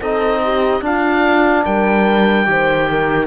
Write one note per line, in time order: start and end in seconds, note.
0.00 0.81 C4
0.00 0.82 D#4
0.00 0.41 A4
0.00 0.84 D#5
0.44 0.85 G4
0.81 1.63 D4
0.81 2.46 D4
0.81 1.66 F4
0.81 1.65 F5
1.65 2.47 G3
1.65 2.48 A#4
1.65 3.27 G5
2.46 3.27 D#3
2.46 3.27 G4
2.46 2.89 C5
2.89 3.27 A#4